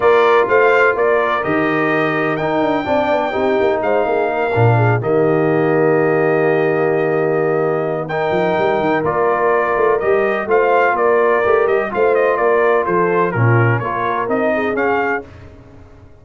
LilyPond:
<<
  \new Staff \with { instrumentName = "trumpet" } { \time 4/4 \tempo 4 = 126 d''4 f''4 d''4 dis''4~ | dis''4 g''2. | f''2~ f''8 dis''4.~ | dis''1~ |
dis''4 g''2 d''4~ | d''4 dis''4 f''4 d''4~ | d''8 dis''8 f''8 dis''8 d''4 c''4 | ais'4 cis''4 dis''4 f''4 | }
  \new Staff \with { instrumentName = "horn" } { \time 4/4 ais'4 c''4 ais'2~ | ais'2 d''4 g'4 | c''8 gis'8 ais'4 gis'8 g'4.~ | g'1~ |
g'4 ais'2.~ | ais'2 c''4 ais'4~ | ais'4 c''4 ais'4 a'4 | f'4 ais'4. gis'4. | }
  \new Staff \with { instrumentName = "trombone" } { \time 4/4 f'2. g'4~ | g'4 dis'4 d'4 dis'4~ | dis'4. d'4 ais4.~ | ais1~ |
ais4 dis'2 f'4~ | f'4 g'4 f'2 | g'4 f'2. | cis'4 f'4 dis'4 cis'4 | }
  \new Staff \with { instrumentName = "tuba" } { \time 4/4 ais4 a4 ais4 dis4~ | dis4 dis'8 d'8 c'8 b8 c'8 ais8 | gis8 ais4 ais,4 dis4.~ | dis1~ |
dis4. f8 g8 dis8 ais4~ | ais8 a8 g4 a4 ais4 | a8 g8 a4 ais4 f4 | ais,4 ais4 c'4 cis'4 | }
>>